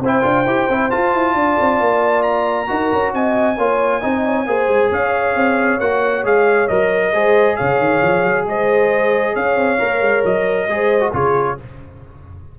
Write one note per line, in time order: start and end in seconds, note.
0.00 0.22 C4
0.00 0.22 E4
0.00 1.34 C5
0.07 0.91 G5
0.22 0.46 D4
0.22 0.45 F4
0.46 0.68 E4
0.46 0.70 G4
0.69 0.91 C4
0.69 0.90 E4
0.90 2.67 F4
0.90 1.14 F4
0.90 2.22 A5
1.14 1.34 E4
1.34 1.56 D4
1.34 2.69 D5
1.60 1.80 C4
1.80 2.69 A#3
2.22 3.11 A#5
2.67 2.92 D#4
2.67 3.56 F#4
2.67 3.14 A#4
2.92 3.13 C#4
3.13 3.58 C4
3.13 3.57 D#5
3.13 4.92 G#5
3.57 4.02 A#3
3.57 4.01 F4
3.57 4.00 C#5
4.00 4.46 C4
4.00 4.46 D#4
4.00 4.23 D#5
4.25 4.47 C#5
4.46 4.68 A#3
4.46 5.80 G#4
4.46 4.91 C5
4.68 4.90 G#3
4.91 5.35 C#4
4.91 7.13 C#5
4.91 5.80 F5
5.35 5.80 C4
5.80 6.24 A#3
5.80 6.24 F#4
5.80 6.24 F#5
6.24 6.69 G#3
6.24 6.69 G#4
6.24 6.68 F5
6.68 7.14 F#3
6.68 7.14 A#4
6.68 7.56 D#5
7.14 7.58 G#3
7.14 9.79 G#4
7.14 7.56 C5
7.56 7.79 C#3
7.56 8.45 C#5
7.56 8.45 F5
7.79 8.01 D#3
8.02 8.24 F3
8.24 8.46 F#3
8.46 9.35 G#3
8.46 9.34 C5
8.46 9.35 D#5
9.34 9.56 C#4
9.34 10.67 C#5
9.34 10.24 F5
9.56 9.79 C4
9.79 10.01 A#3
9.79 10.67 A#4
10.01 10.23 G#3
10.25 10.68 F#3
10.25 11.14 D#5
10.68 11.12 G#3
10.68 11.00 G#4
10.68 11.14 C5
11.00 11.11 F#4
11.13 11.57 C#3
11.13 11.57 F4
11.13 11.58 G#4
11.13 11.59 C#5